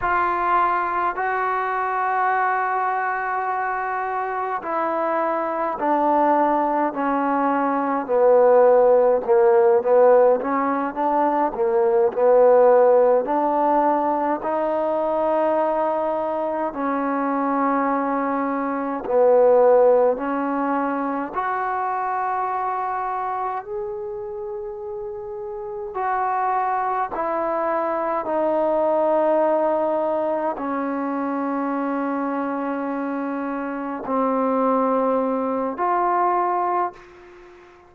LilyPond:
\new Staff \with { instrumentName = "trombone" } { \time 4/4 \tempo 4 = 52 f'4 fis'2. | e'4 d'4 cis'4 b4 | ais8 b8 cis'8 d'8 ais8 b4 d'8~ | d'8 dis'2 cis'4.~ |
cis'8 b4 cis'4 fis'4.~ | fis'8 gis'2 fis'4 e'8~ | e'8 dis'2 cis'4.~ | cis'4. c'4. f'4 | }